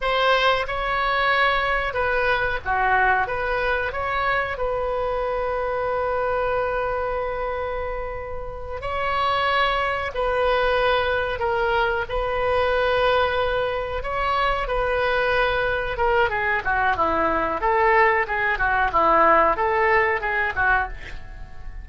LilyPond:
\new Staff \with { instrumentName = "oboe" } { \time 4/4 \tempo 4 = 92 c''4 cis''2 b'4 | fis'4 b'4 cis''4 b'4~ | b'1~ | b'4. cis''2 b'8~ |
b'4. ais'4 b'4.~ | b'4. cis''4 b'4.~ | b'8 ais'8 gis'8 fis'8 e'4 a'4 | gis'8 fis'8 e'4 a'4 gis'8 fis'8 | }